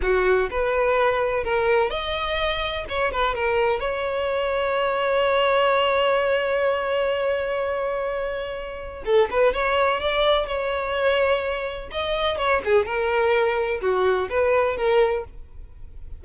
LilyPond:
\new Staff \with { instrumentName = "violin" } { \time 4/4 \tempo 4 = 126 fis'4 b'2 ais'4 | dis''2 cis''8 b'8 ais'4 | cis''1~ | cis''1~ |
cis''2. a'8 b'8 | cis''4 d''4 cis''2~ | cis''4 dis''4 cis''8 gis'8 ais'4~ | ais'4 fis'4 b'4 ais'4 | }